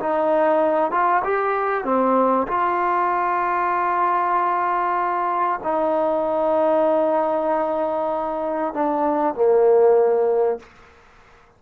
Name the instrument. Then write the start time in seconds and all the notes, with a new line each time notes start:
trombone
0.00 D#4
0.91 F4
1.24 G4
1.84 C4
2.47 F4
5.63 D#4
8.74 D4
9.34 A#3